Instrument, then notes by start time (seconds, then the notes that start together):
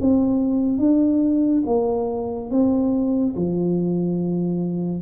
tuba
0.00 C4
0.78 D4
1.66 A#3
2.50 C4
3.35 F3